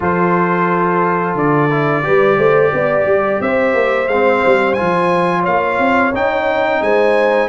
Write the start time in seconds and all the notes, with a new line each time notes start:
0.00 F3 F4 A4 C5
1.35 D3 D5
1.70 E4
2.03 G3 G4 B4
2.37 A3 C5
2.73 B3 D5
3.05 G3
3.40 C4 C5 E5
3.73 A#3
4.07 G#3 C4 F5
4.45 G3
4.73 F4 G#5
4.79 F3
5.41 C#5 F5
5.47 A#3
5.78 C4
6.13 C#4 D#4 G5
6.81 G#3 C5 G#5